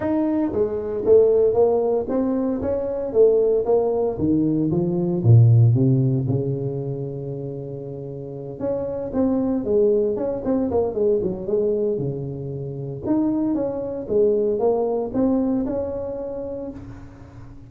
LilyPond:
\new Staff \with { instrumentName = "tuba" } { \time 4/4 \tempo 4 = 115 dis'4 gis4 a4 ais4 | c'4 cis'4 a4 ais4 | dis4 f4 ais,4 c4 | cis1~ |
cis8 cis'4 c'4 gis4 cis'8 | c'8 ais8 gis8 fis8 gis4 cis4~ | cis4 dis'4 cis'4 gis4 | ais4 c'4 cis'2 | }